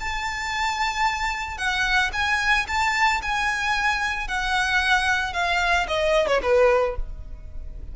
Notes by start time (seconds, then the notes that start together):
0.00 A5
1.58 F#5
2.13 G#5
2.68 A5
3.22 G#5
4.28 F#5
5.33 F5
5.88 D#5
6.27 C#5
6.43 B4